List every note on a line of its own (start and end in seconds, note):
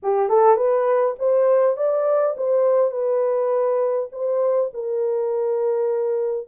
0.02 0.29 G4
0.29 0.56 A4
0.56 1.15 B4
1.18 1.76 C5
1.76 2.35 D5
2.37 2.91 C5
2.91 4.08 B4
4.12 4.71 C5
4.73 6.47 A#4